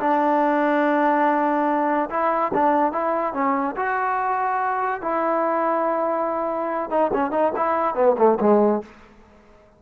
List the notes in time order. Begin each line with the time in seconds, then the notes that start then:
0.00 D4
2.10 E4
2.54 D4
2.93 E4
3.34 C#4
3.77 F#4
5.02 E4
6.91 D#4
7.14 C#4
7.32 D#4
7.57 E4
7.95 B3
8.18 A3
8.41 G#3